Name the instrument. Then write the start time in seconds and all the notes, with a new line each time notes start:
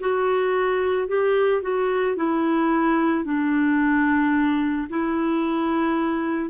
clarinet
0.00 F#4
1.08 G4
1.62 F#4
2.16 E4
3.24 D4
4.89 E4